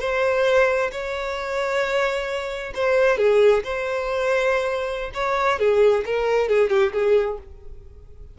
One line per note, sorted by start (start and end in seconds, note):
0.00 0.91 C5
0.92 2.73 C#5
2.75 3.18 C5
3.18 3.63 G#4
3.64 5.12 C5
5.14 5.59 C#5
5.59 6.05 G#4
6.06 6.49 A#4
6.49 6.70 G#4
6.70 6.93 G4
6.93 7.38 G#4